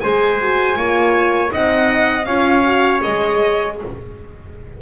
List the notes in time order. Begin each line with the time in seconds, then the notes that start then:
0.00 G#3 G#4 C5 G#5
0.40 F#4
0.76 A#3 F4 C#5
1.48 C4 D#4 D#5 F#5
2.25 C#4 F4 C#5 F5
2.64 F#4
3.01 G#3 G#4 D#5